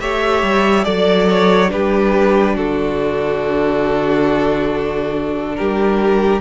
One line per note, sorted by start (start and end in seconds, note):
0.00 0.42 A3
0.00 0.84 G4
0.00 0.84 C#5
0.00 0.84 E5
0.42 0.85 G3
0.84 1.72 F#3
0.84 1.68 A4
0.84 1.27 D5
0.84 1.70 D5
1.29 1.71 C#5
1.68 2.56 G3
1.68 6.40 D4
1.68 2.55 G4
1.68 2.56 B4
2.55 5.56 D3
2.55 5.55 F#4
2.55 5.55 A4
5.55 6.41 G3
5.55 6.41 G4
5.55 6.41 A#4